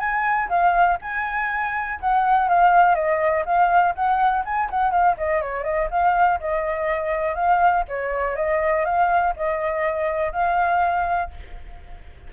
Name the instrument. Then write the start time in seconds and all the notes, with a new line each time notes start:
flute
0.00 G#5
0.49 F5
1.02 G#5
2.01 F#5
2.49 F5
2.96 D#5
3.46 F5
3.95 F#5
4.45 G#5
4.71 F#5
4.92 F5
5.18 D#5
5.42 C#5
5.64 D#5
5.91 F5
6.41 D#5
7.35 F5
7.89 C#5
8.36 D#5
8.86 F5
9.37 D#5
10.33 F5